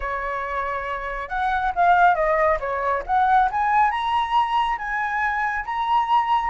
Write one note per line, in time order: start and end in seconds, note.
0.00 1.28 C#5
1.28 1.72 F#5
1.75 2.15 F5
2.15 2.58 D#5
2.59 3.03 C#5
3.06 3.49 F#5
3.51 3.90 G#5
3.90 4.77 A#5
4.78 5.65 G#5
5.65 6.50 A#5